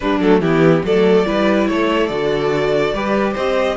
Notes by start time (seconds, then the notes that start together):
0.00 G3 D4 B4
0.20 F#3 A3 A4
0.40 E3 B3 E4 G4
0.84 F#3 A3 A4 D5
1.25 G3 E4 B4
1.67 A3 A4 C#5
2.06 D3 F#4 D5
2.93 G3 G4 B4
3.33 C4 C5 D#5